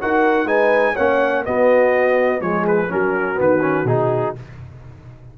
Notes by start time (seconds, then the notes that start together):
0.00 D#4 F#4 A#4 F#5
0.44 G#3 D#4 B4 G#5
0.93 A#3 C#4 C#5 F#5
1.44 B3 F#4 D#5
2.40 F3 G#3 G#4 C#5
2.67 B4
2.88 F#3 C#4 F#4 A#4
3.35 D#3 B3 B4
3.61 C#4
3.84 B2 D#4 G#4